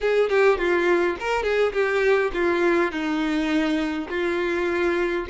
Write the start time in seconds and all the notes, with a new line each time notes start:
0.00 G#4
0.29 G4
0.58 F4
1.19 A#4
1.43 G#4
1.73 G4
2.33 F4
2.91 D#4
4.09 F4